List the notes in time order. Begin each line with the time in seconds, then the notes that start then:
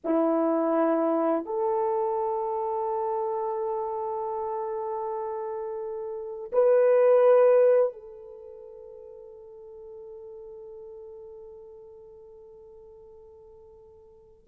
0.04 E4
1.45 A4
6.52 B4
7.92 A4